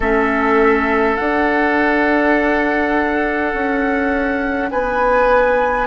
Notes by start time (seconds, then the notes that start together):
0.00 A3 C#4 A4 E5
1.16 D4 F#5
3.53 C#4
4.70 B3 B4 G#5